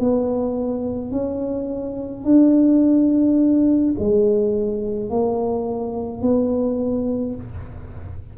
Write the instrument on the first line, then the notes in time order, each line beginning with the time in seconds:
tuba
0.00 B3
1.12 C#4
2.25 D4
3.99 G#3
5.10 A#3
6.22 B3